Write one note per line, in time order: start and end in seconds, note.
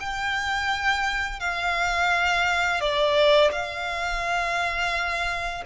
0.00 1.40 G5
1.40 2.81 F5
2.81 3.51 D5
3.52 5.64 F5